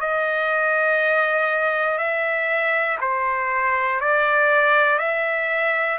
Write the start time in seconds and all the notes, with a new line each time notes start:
0.00 D#5
1.98 E5
3.00 C5
4.00 D5
4.98 E5